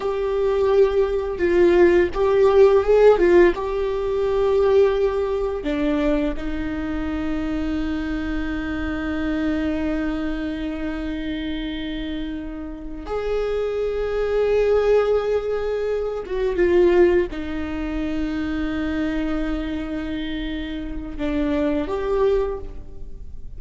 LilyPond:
\new Staff \with { instrumentName = "viola" } { \time 4/4 \tempo 4 = 85 g'2 f'4 g'4 | gis'8 f'8 g'2. | d'4 dis'2.~ | dis'1~ |
dis'2~ dis'8 gis'4.~ | gis'2. fis'8 f'8~ | f'8 dis'2.~ dis'8~ | dis'2 d'4 g'4 | }